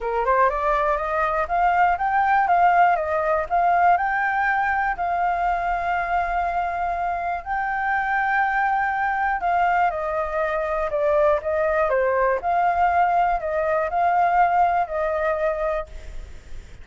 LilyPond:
\new Staff \with { instrumentName = "flute" } { \time 4/4 \tempo 4 = 121 ais'8 c''8 d''4 dis''4 f''4 | g''4 f''4 dis''4 f''4 | g''2 f''2~ | f''2. g''4~ |
g''2. f''4 | dis''2 d''4 dis''4 | c''4 f''2 dis''4 | f''2 dis''2 | }